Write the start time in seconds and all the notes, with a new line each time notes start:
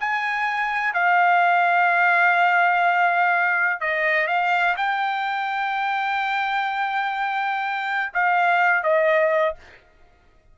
0.00 G#5
0.94 F5
3.81 D#5
4.27 F5
4.77 G5
8.14 F5
8.83 D#5